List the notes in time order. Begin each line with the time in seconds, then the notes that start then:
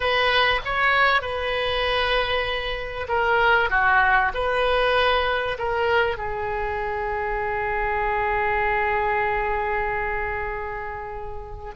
0.00 B4
0.64 C#5
1.21 B4
3.08 A#4
3.70 F#4
4.34 B4
5.58 A#4
6.17 G#4